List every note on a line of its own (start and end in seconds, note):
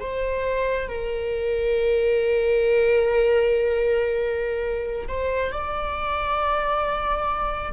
0.00 0.88 C5
0.88 5.07 A#4
5.07 5.51 C5
5.51 7.72 D5